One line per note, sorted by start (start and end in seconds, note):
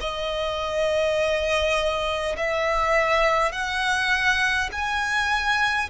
0.00 2.35 D#5
2.36 3.52 E5
3.52 4.70 F#5
4.72 5.89 G#5